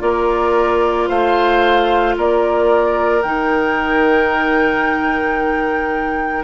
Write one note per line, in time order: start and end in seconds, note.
0.00 1.09 A#3
0.00 3.21 F4
0.00 1.08 A#4
0.00 1.08 D5
1.08 2.17 A3
1.08 2.15 C5
1.08 2.16 F5
2.17 3.24 A#3
2.17 6.44 A#4
2.17 3.23 D5
3.23 6.44 D#3
3.23 6.44 D#4
3.23 6.44 G5